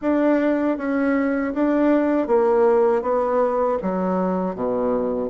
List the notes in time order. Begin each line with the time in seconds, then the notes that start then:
0.01 D4
0.77 C#4
1.54 D4
2.27 A#3
3.02 B3
3.82 F#3
4.55 B2